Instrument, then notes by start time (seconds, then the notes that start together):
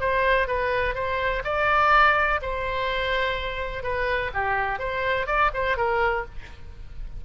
oboe
0.00 C5
0.47 B4
0.95 C5
1.44 D5
2.42 C5
3.83 B4
4.34 G4
4.79 C5
5.26 D5
5.54 C5
5.77 A#4